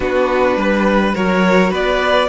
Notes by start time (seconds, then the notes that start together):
0.00 B3 D4 F#4 B4
0.56 G3 B4
1.14 F#3 F#4 A#4 C#5
1.70 B3 B4 D5